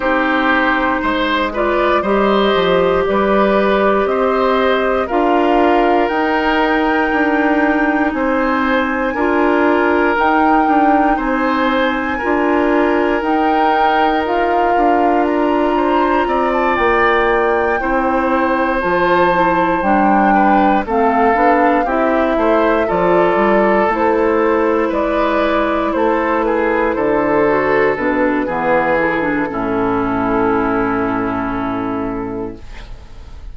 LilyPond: <<
  \new Staff \with { instrumentName = "flute" } { \time 4/4 \tempo 4 = 59 c''4. d''8 dis''4 d''4 | dis''4 f''4 g''2 | gis''2 g''4 gis''4~ | gis''4 g''4 f''4 ais''4~ |
ais''16 a''16 g''2 a''4 g''8~ | g''8 f''4 e''4 d''4 c''8~ | c''8 d''4 c''8 b'8 c''4 b'8~ | b'8 a'2.~ a'8 | }
  \new Staff \with { instrumentName = "oboe" } { \time 4/4 g'4 c''8 b'8 c''4 b'4 | c''4 ais'2. | c''4 ais'2 c''4 | ais'2.~ ais'8 c''8 |
d''4. c''2~ c''8 | b'8 a'4 g'8 c''8 a'4.~ | a'8 b'4 a'8 gis'8 a'4. | gis'4 e'2. | }
  \new Staff \with { instrumentName = "clarinet" } { \time 4/4 dis'4. f'8 g'2~ | g'4 f'4 dis'2~ | dis'4 f'4 dis'2 | f'4 dis'4 f'2~ |
f'4. e'4 f'8 e'8 d'8~ | d'8 c'8 d'8 e'4 f'4 e'8~ | e'2. fis'8 d'8 | b8 e'16 d'16 cis'2. | }
  \new Staff \with { instrumentName = "bassoon" } { \time 4/4 c'4 gis4 g8 f8 g4 | c'4 d'4 dis'4 d'4 | c'4 d'4 dis'8 d'8 c'4 | d'4 dis'4. d'4. |
c'8 ais4 c'4 f4 g8~ | g8 a8 b8 c'8 a8 f8 g8 a8~ | a8 gis4 a4 d4 b,8 | e4 a,2. | }
>>